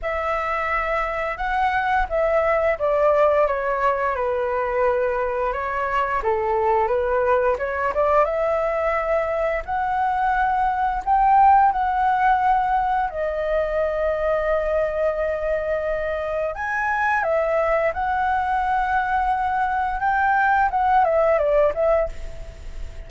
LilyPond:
\new Staff \with { instrumentName = "flute" } { \time 4/4 \tempo 4 = 87 e''2 fis''4 e''4 | d''4 cis''4 b'2 | cis''4 a'4 b'4 cis''8 d''8 | e''2 fis''2 |
g''4 fis''2 dis''4~ | dis''1 | gis''4 e''4 fis''2~ | fis''4 g''4 fis''8 e''8 d''8 e''8 | }